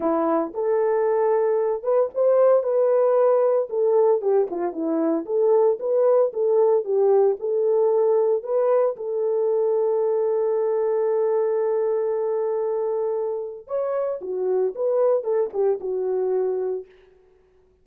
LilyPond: \new Staff \with { instrumentName = "horn" } { \time 4/4 \tempo 4 = 114 e'4 a'2~ a'8 b'8 | c''4 b'2 a'4 | g'8 f'8 e'4 a'4 b'4 | a'4 g'4 a'2 |
b'4 a'2.~ | a'1~ | a'2 cis''4 fis'4 | b'4 a'8 g'8 fis'2 | }